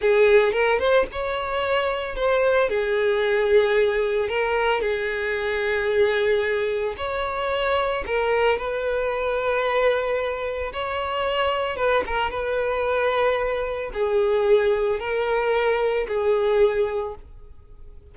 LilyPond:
\new Staff \with { instrumentName = "violin" } { \time 4/4 \tempo 4 = 112 gis'4 ais'8 c''8 cis''2 | c''4 gis'2. | ais'4 gis'2.~ | gis'4 cis''2 ais'4 |
b'1 | cis''2 b'8 ais'8 b'4~ | b'2 gis'2 | ais'2 gis'2 | }